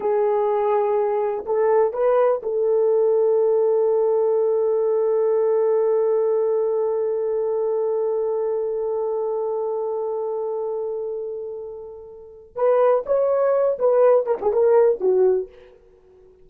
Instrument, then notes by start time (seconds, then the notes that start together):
horn
0.00 G#4
1.45 A4
1.93 B4
2.42 A4
12.55 B4
13.05 C#5
13.79 B4
14.25 A#4
14.41 G#4
14.52 A#4
15.00 F#4